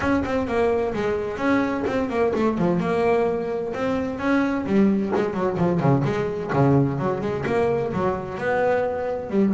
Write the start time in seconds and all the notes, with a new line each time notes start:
0.00 C#4
0.25 C4
0.47 A#3
0.94 G#3
1.37 C#4
1.86 C4
2.09 A#3
2.35 A3
2.58 F3
2.80 A#3
3.74 C4
4.18 C#4
4.66 G3
5.15 G#3
5.33 F#3
5.57 F3
5.79 C#3
6.04 G#3
6.53 C#3
6.98 F#3
7.21 G#3
7.45 A#3
7.92 F#3
8.38 B3
9.30 G3